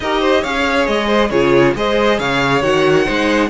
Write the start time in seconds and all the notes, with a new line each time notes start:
0.00 D#4 G4 A#4 D#5
0.20 C5
0.41 C#4 G#4 C#5 F5
0.87 G#3 D#5
1.07 C5
1.30 C#3 F4 G#4 C#5
1.75 G#3 G#4 C5 D#5
2.19 C#3 C#5 F5
2.62 D#3 F#4 F#5
3.04 G#3 D#4 C5